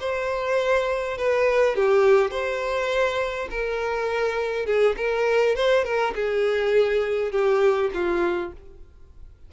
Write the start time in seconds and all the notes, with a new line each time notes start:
0.00 C5
1.18 B4
1.76 G4
2.31 C5
3.51 A#4
4.66 G#4
4.97 A#4
5.56 C5
5.84 A#4
6.16 G#4
7.32 G4
7.94 F4